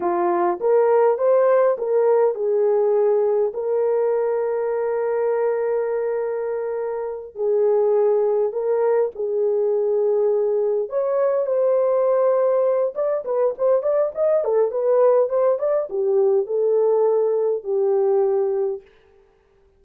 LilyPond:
\new Staff \with { instrumentName = "horn" } { \time 4/4 \tempo 4 = 102 f'4 ais'4 c''4 ais'4 | gis'2 ais'2~ | ais'1~ | ais'8 gis'2 ais'4 gis'8~ |
gis'2~ gis'8 cis''4 c''8~ | c''2 d''8 b'8 c''8 d''8 | dis''8 a'8 b'4 c''8 d''8 g'4 | a'2 g'2 | }